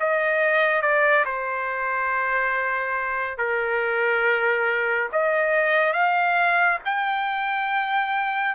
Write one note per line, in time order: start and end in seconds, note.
0.00 0.82 D#5
0.82 1.25 D5
1.26 3.38 C5
3.38 5.10 A#4
5.13 5.94 D#5
5.94 6.79 F5
6.86 8.56 G5